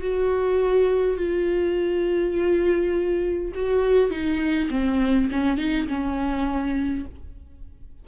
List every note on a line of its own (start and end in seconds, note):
0.00 1.17 F#4
1.17 3.52 F4
3.55 4.11 F#4
4.11 4.70 D#4
4.70 5.29 C4
5.32 5.57 C#4
5.57 5.87 D#4
5.87 7.05 C#4